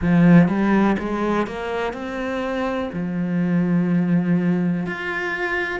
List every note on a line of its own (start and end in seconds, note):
0.01 0.48 F3
0.48 0.96 G3
0.99 1.46 G#3
1.46 1.93 A#3
1.93 2.90 C4
2.93 4.86 F3
4.86 5.80 F4